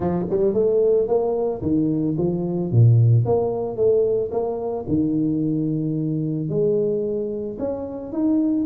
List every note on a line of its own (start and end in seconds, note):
0.00 0.25 F3
0.29 0.53 G3
0.53 1.07 A3
1.07 1.61 A#3
1.62 2.16 D#3
2.17 2.71 F3
2.71 3.25 A#2
3.25 3.76 A#3
3.76 4.30 A3
4.31 4.85 A#3
4.88 6.49 D#3
6.49 7.57 G#3
7.58 8.12 C#4
8.12 8.66 D#4